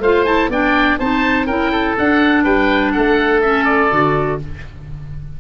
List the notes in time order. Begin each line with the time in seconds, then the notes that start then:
0.00 A3 F4 C5 F5
0.25 E4 A5
0.49 B3 D4 D5 G5
0.99 C4 D#4 C5 A5
1.47 C#4 E4 A#4 G5
1.72 A4
1.98 D4 F#5
2.44 G3 B4 G5
2.92 A3 A4 F#5
3.42 C#4 E5
3.65 D5
3.90 D3 F#4